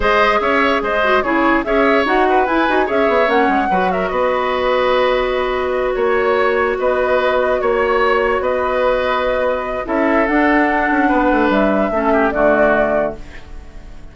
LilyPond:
<<
  \new Staff \with { instrumentName = "flute" } { \time 4/4 \tempo 4 = 146 dis''4 e''4 dis''4 cis''4 | e''4 fis''4 gis''4 e''4 | fis''4. e''8 dis''2~ | dis''2~ dis''8 cis''4.~ |
cis''8 dis''2 cis''4.~ | cis''8 dis''2.~ dis''8 | e''4 fis''2. | e''2 d''2 | }
  \new Staff \with { instrumentName = "oboe" } { \time 4/4 c''4 cis''4 c''4 gis'4 | cis''4. b'4. cis''4~ | cis''4 b'8 ais'8 b'2~ | b'2~ b'8 cis''4.~ |
cis''8 b'2 cis''4.~ | cis''8 b'2.~ b'8 | a'2. b'4~ | b'4 a'8 g'8 fis'2 | }
  \new Staff \with { instrumentName = "clarinet" } { \time 4/4 gis'2~ gis'8 fis'8 e'4 | gis'4 fis'4 e'8 fis'8 gis'4 | cis'4 fis'2.~ | fis'1~ |
fis'1~ | fis'1 | e'4 d'2.~ | d'4 cis'4 a2 | }
  \new Staff \with { instrumentName = "bassoon" } { \time 4/4 gis4 cis'4 gis4 cis4 | cis'4 dis'4 e'8 dis'8 cis'8 b8 | ais8 gis8 fis4 b2~ | b2~ b8 ais4.~ |
ais8 b2 ais4.~ | ais8 b2.~ b8 | cis'4 d'4. cis'8 b8 a8 | g4 a4 d2 | }
>>